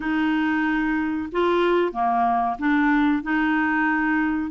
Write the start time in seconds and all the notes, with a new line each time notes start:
0.00 D#4
1.31 F4
1.92 A#3
2.58 D4
3.23 D#4